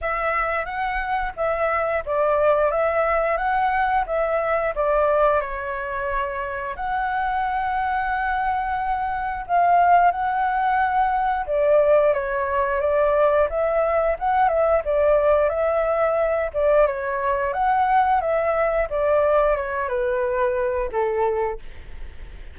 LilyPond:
\new Staff \with { instrumentName = "flute" } { \time 4/4 \tempo 4 = 89 e''4 fis''4 e''4 d''4 | e''4 fis''4 e''4 d''4 | cis''2 fis''2~ | fis''2 f''4 fis''4~ |
fis''4 d''4 cis''4 d''4 | e''4 fis''8 e''8 d''4 e''4~ | e''8 d''8 cis''4 fis''4 e''4 | d''4 cis''8 b'4. a'4 | }